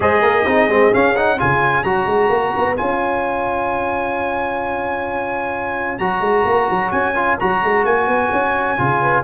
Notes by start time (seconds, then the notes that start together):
0.00 G#3 G#4 C5 D#5
0.21 A#3 A#4
0.46 C4 D#4 G#4
0.68 G#3 C4
0.92 C#4 F5
1.16 D#4 F#5
1.37 C#3 F4 C#5 G#5
1.83 F#3 F#4 A#5
2.06 G#3
2.29 A#3
2.56 B3
2.76 C#4 F4 G#5
5.98 F#3 F#4 A#5
6.20 G#3
6.45 A#3
6.70 F#3
6.91 C#4 G#5
7.15 F4
7.39 F#3 F#4 A#5
7.63 G#3
7.84 A#3 G#5
8.07 B3
8.32 C#4
8.78 C#3 F4
9.01 B4